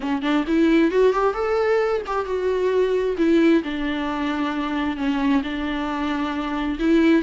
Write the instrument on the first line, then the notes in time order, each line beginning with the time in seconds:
viola
0.00 C#4
0.22 D4
0.47 E4
0.91 F#4
1.13 G4
1.33 A4
2.06 G4
2.25 F#4
3.17 E4
3.63 D4
4.96 C#4
5.43 D4
6.79 E4